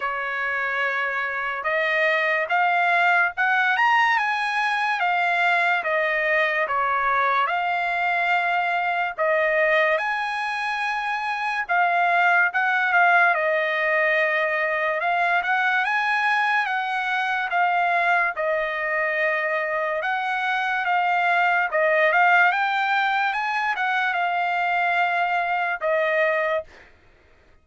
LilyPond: \new Staff \with { instrumentName = "trumpet" } { \time 4/4 \tempo 4 = 72 cis''2 dis''4 f''4 | fis''8 ais''8 gis''4 f''4 dis''4 | cis''4 f''2 dis''4 | gis''2 f''4 fis''8 f''8 |
dis''2 f''8 fis''8 gis''4 | fis''4 f''4 dis''2 | fis''4 f''4 dis''8 f''8 g''4 | gis''8 fis''8 f''2 dis''4 | }